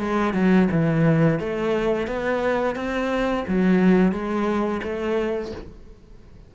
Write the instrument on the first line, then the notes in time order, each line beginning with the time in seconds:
cello
0.00 G#3
0.34 F#3
0.71 E3
1.40 A3
2.08 B3
2.76 C4
3.48 F#3
4.12 G#3
4.83 A3